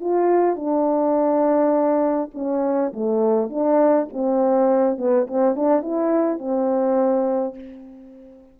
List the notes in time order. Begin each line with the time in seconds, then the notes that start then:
0.00 F4
0.55 D4
2.34 C#4
2.93 A3
3.49 D4
4.12 C4
4.97 B3
5.27 C4
5.55 D4
5.82 E4
6.38 C4